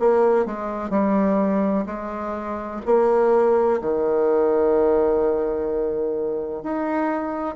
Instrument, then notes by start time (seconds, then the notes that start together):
bassoon
0.00 A#3
0.46 G#3
0.90 G3
1.86 G#3
2.86 A#3
3.81 D#3
6.63 D#4